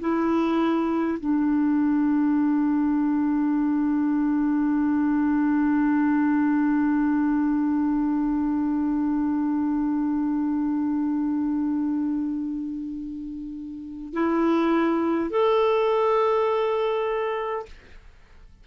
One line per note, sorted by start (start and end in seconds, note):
0.00 1.18 E4
1.19 14.13 D4
14.13 15.30 E4
15.30 17.65 A4